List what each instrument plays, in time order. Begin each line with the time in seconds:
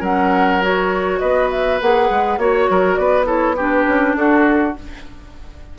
0.00 bassoon F#3, clarinet C#4, oboe A#4, flute F#5
0.61 clarinet F#4, flute C#5
1.19 bassoon B3, oboe B4, flute D#5
1.50 flute E5
1.81 bassoon A#3, clarinet G#4, flute F#5
2.10 bassoon G#3
2.38 bassoon A#3, clarinet F#4, flute C#5, oboe C#5
2.69 bassoon F#3, oboe A#4
2.94 bassoon B3, oboe B4, flute D5
3.25 clarinet E4, oboe A4, flute C#5
3.56 clarinet D4, oboe G4, flute B4
3.87 bassoon C#4
4.15 bassoon D4, oboe F#4, flute A4